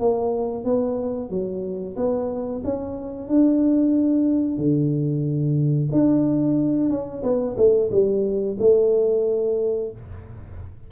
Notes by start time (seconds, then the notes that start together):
0.00 A#3
0.65 B3
1.30 F#3
1.97 B3
2.65 C#4
3.28 D4
4.58 D3
5.93 D4
6.90 C#4
7.23 B3
7.57 A3
7.92 G3
8.60 A3